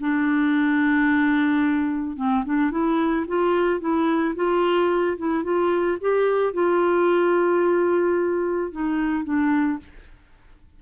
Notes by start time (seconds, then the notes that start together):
0.00 D4
2.16 C4
2.45 D4
2.71 E4
3.27 F4
3.80 E4
4.35 F4
5.17 E4
5.43 F4
6.00 G4
6.53 F4
8.71 D#4
9.24 D4